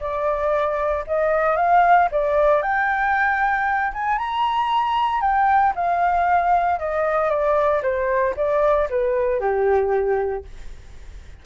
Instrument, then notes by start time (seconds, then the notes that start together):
flute
0.00 D5
1.07 D#5
1.57 F5
2.12 D5
2.62 G5
3.93 G#5
4.19 A#5
5.21 G5
5.76 F5
6.79 D#5
7.30 D5
7.83 C5
8.37 D5
8.90 B4
9.40 G4